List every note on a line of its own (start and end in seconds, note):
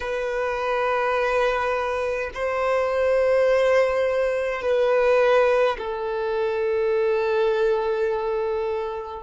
0.00 2.30 B4
2.34 4.62 C5
4.62 5.77 B4
5.77 9.23 A4